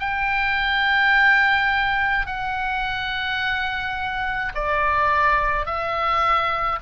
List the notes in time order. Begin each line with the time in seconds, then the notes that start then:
0.00 G5
2.26 F#5
4.55 D5
5.66 E5